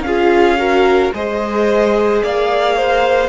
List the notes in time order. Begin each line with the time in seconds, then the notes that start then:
0.00 C#4 F4 G#4 F5
0.57 F#4 A#4
1.13 G#3 G#4 C5 D#5
2.22 A#3 D5 F5
2.76 C5